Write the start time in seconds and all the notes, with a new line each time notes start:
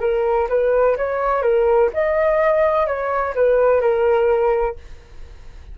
0.00 A#4
0.48 B4
0.97 C#5
1.42 A#4
1.93 D#5
2.86 C#5
3.35 B4
3.81 A#4